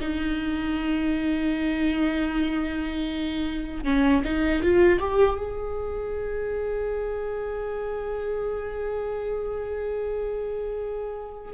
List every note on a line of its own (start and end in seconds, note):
0.00 3.84 D#4
3.84 4.22 C#4
4.24 4.62 D#4
4.62 4.99 F4
4.99 5.37 G4
5.37 11.53 G#4